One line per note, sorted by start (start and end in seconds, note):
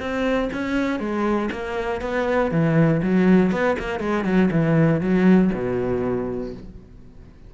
0.00 0.50 C4
0.53 1.00 C#4
1.00 1.50 G#3
1.52 2.02 A#3
2.02 2.52 B3
2.52 3.02 E3
3.03 3.52 F#3
3.52 3.77 B3
3.79 4.00 A#3
4.00 4.25 G#3
4.25 4.50 F#3
4.52 5.01 E3
5.01 5.51 F#3
5.54 6.54 B2